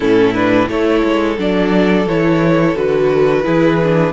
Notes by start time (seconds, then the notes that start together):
0.00 A2 C#4 E4 A4
0.33 D4 B4
0.67 A3 E4 A4 C#5
1.03 G#3
1.38 F#3 D4 D5
2.06 E3 E4 C#5
2.75 D3 F#4 B4
3.43 E3 E4 G#4
3.83 D4